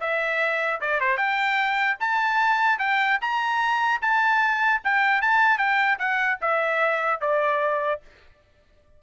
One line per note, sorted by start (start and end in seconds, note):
0.00 0.80 E5
0.80 1.00 D5
1.00 1.17 C5
1.17 1.97 G5
1.99 2.78 A5
2.78 3.18 G5
3.21 4.01 A#5
4.01 4.81 A5
4.84 5.21 G5
5.21 5.58 A5
5.58 5.98 G5
5.98 6.38 F#5
6.41 7.20 E5
7.20 8.00 D5